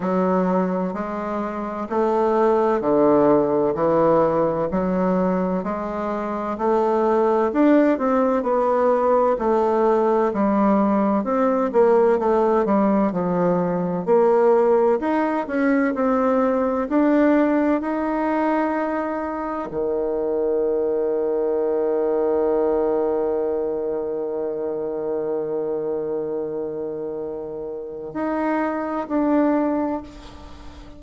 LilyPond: \new Staff \with { instrumentName = "bassoon" } { \time 4/4 \tempo 4 = 64 fis4 gis4 a4 d4 | e4 fis4 gis4 a4 | d'8 c'8 b4 a4 g4 | c'8 ais8 a8 g8 f4 ais4 |
dis'8 cis'8 c'4 d'4 dis'4~ | dis'4 dis2.~ | dis1~ | dis2 dis'4 d'4 | }